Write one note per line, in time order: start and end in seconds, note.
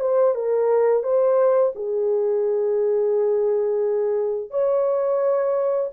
0.00 0.35 C5
0.35 1.03 A#4
1.03 1.73 C5
1.75 4.50 G#4
4.50 5.90 C#5